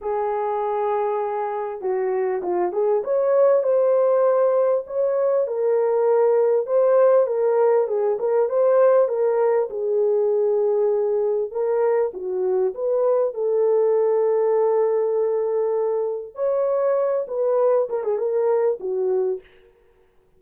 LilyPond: \new Staff \with { instrumentName = "horn" } { \time 4/4 \tempo 4 = 99 gis'2. fis'4 | f'8 gis'8 cis''4 c''2 | cis''4 ais'2 c''4 | ais'4 gis'8 ais'8 c''4 ais'4 |
gis'2. ais'4 | fis'4 b'4 a'2~ | a'2. cis''4~ | cis''8 b'4 ais'16 gis'16 ais'4 fis'4 | }